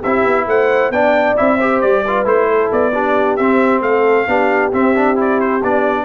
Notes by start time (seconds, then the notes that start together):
0.00 C4 G4 E5
0.07 E4
0.24 B3
0.47 A3 C5 F#5
0.90 B3 D4 D5 G5
1.36 C4 E4 E5
1.58 G4 C5
1.81 G3 D5
2.04 F4 B4
2.25 A3 E4 C5
2.48 A4
2.72 B3 D5
2.93 D4 G4
3.36 C4 E5
3.81 A3 A4 F5
4.27 B3 D4 G4
4.72 C4 E5
4.96 D4
5.16 E4 D5
5.40 C5
5.63 B3 D4 D5